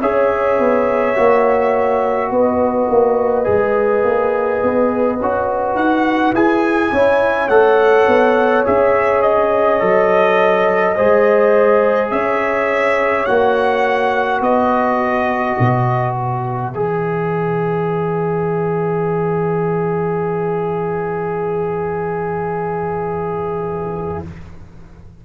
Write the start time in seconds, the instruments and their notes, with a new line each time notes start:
0.00 tuba C#4, trombone G#4, horn C#5, trumpet E5
0.59 tuba B3
1.15 tuba A#3, trombone F#4
2.30 tuba B3, horn B4, trumpet D#5
2.89 tuba A#3
3.44 tuba G#3, trombone G#4
4.04 tuba A#3
4.62 tuba B3
5.21 tuba C#4, trombone F#4
5.75 tuba D#4, trumpet F#5
6.33 tuba E4, trombone G#4, trumpet G#5
6.91 tuba C#4, trombone E4, horn C#5
7.48 tuba A3, trombone A4, trumpet F#5
8.07 tuba B3
8.65 tuba C#4, trombone G#4, trumpet E5
9.22 trumpet D#5
9.80 tuba F#3, trombone A4
10.95 tuba G#3, trombone G#4, horn C5
12.10 tuba C#4, horn C#5, trumpet E5
13.25 tuba A#3, trombone F#4, trumpet F#5
14.40 tuba B3, horn B4, trumpet D#5
15.59 tuba B2
16.14 trumpet E5
16.73 tuba E3, trombone G#4